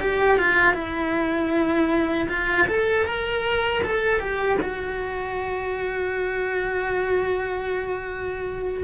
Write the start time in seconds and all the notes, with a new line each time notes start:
0.00 G4
0.38 F4
0.74 E4
2.29 F4
2.68 A4
3.06 A#4
3.84 A4
4.20 G4
4.62 F#4